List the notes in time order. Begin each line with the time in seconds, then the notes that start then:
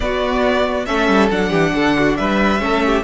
0.00 B3 F#4 D5
0.85 A3 C#4 A4 E5
1.08 G3
1.30 F#3 D4 F#5
1.49 E3 G4
1.74 D3 A4
1.97 F#4
2.16 G3 B4 E5
2.59 A3 C#4 A4
2.86 G4